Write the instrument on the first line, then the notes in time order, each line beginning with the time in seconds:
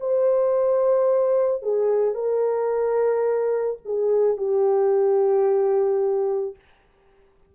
horn
0.00 C5
1.63 G#4
2.14 A#4
3.86 G#4
4.37 G4